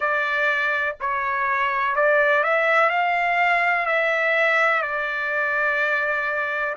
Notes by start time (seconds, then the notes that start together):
0.00 D5
1.00 C#5
1.95 D5
2.43 E5
2.89 F5
3.85 E5
4.81 D5